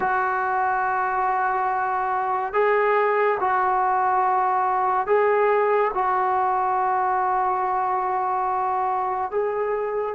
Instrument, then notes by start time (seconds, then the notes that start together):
trombone
0.00 F#4
2.53 G#4
3.40 F#4
5.06 G#4
5.93 F#4
9.30 G#4